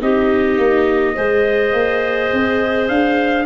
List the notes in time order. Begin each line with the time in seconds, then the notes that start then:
0.00 C4 D#4 G4 D#5
0.57 A#3
1.14 G#3 G#4 C5
1.73 A#3
2.32 C4
2.88 D4 F5